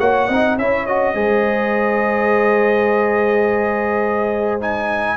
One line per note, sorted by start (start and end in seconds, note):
0.00 0.29 A#3
0.00 0.29 F#4
0.00 0.28 C#5
0.00 0.58 F#5
0.28 0.58 C4
0.28 0.60 D#4
0.28 0.57 D#5
0.58 1.15 C#4
0.58 0.88 E4
0.58 1.14 C#5
0.58 0.87 E5
0.87 1.15 F#4
0.87 4.62 D#5
1.14 5.17 G#3
1.14 4.61 G#4
1.14 5.17 C5
4.61 5.17 D#4
4.61 5.17 G#5